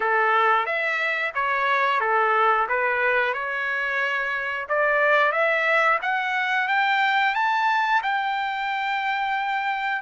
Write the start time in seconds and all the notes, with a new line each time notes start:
0.00 A4
0.66 E5
1.34 C#5
2.00 A4
2.68 B4
3.33 C#5
4.68 D5
5.32 E5
6.02 F#5
6.68 G5
7.35 A5
8.02 G5